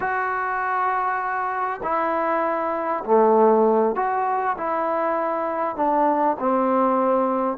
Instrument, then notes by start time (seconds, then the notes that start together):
trombone
0.00 F#4
1.82 E4
3.04 A3
3.95 F#4
4.57 E4
5.76 D4
6.39 C4